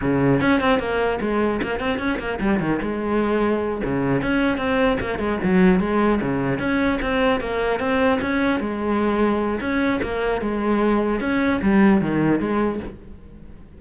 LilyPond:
\new Staff \with { instrumentName = "cello" } { \time 4/4 \tempo 4 = 150 cis4 cis'8 c'8 ais4 gis4 | ais8 c'8 cis'8 ais8 g8 dis8 gis4~ | gis4. cis4 cis'4 c'8~ | c'8 ais8 gis8 fis4 gis4 cis8~ |
cis8 cis'4 c'4 ais4 c'8~ | c'8 cis'4 gis2~ gis8 | cis'4 ais4 gis2 | cis'4 g4 dis4 gis4 | }